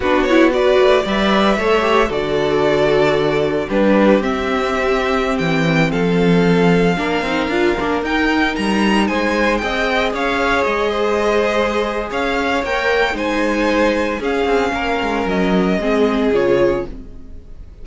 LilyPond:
<<
  \new Staff \with { instrumentName = "violin" } { \time 4/4 \tempo 4 = 114 b'8 cis''8 d''4 e''2 | d''2. b'4 | e''2~ e''16 g''4 f''8.~ | f''2.~ f''16 g''8.~ |
g''16 ais''4 gis''4 g''4 f''8.~ | f''16 dis''2~ dis''8. f''4 | g''4 gis''2 f''4~ | f''4 dis''2 cis''4 | }
  \new Staff \with { instrumentName = "violin" } { \time 4/4 fis'4 b'4 d''4 cis''4 | a'2. g'4~ | g'2.~ g'16 a'8.~ | a'4~ a'16 ais'2~ ais'8.~ |
ais'4~ ais'16 c''4 dis''4 cis''8.~ | cis''8. c''2~ c''16 cis''4~ | cis''4 c''2 gis'4 | ais'2 gis'2 | }
  \new Staff \with { instrumentName = "viola" } { \time 4/4 d'8 e'8 fis'4 b'4 a'8 g'8 | fis'2. d'4 | c'1~ | c'4~ c'16 d'8 dis'8 f'8 d'8 dis'8.~ |
dis'2~ dis'16 gis'4.~ gis'16~ | gis'1 | ais'4 dis'2 cis'4~ | cis'2 c'4 f'4 | }
  \new Staff \with { instrumentName = "cello" } { \time 4/4 b4. a8 g4 a4 | d2. g4 | c'2~ c'16 e4 f8.~ | f4~ f16 ais8 c'8 d'8 ais8 dis'8.~ |
dis'16 g4 gis4 c'4 cis'8.~ | cis'16 gis2~ gis8. cis'4 | ais4 gis2 cis'8 c'8 | ais8 gis8 fis4 gis4 cis4 | }
>>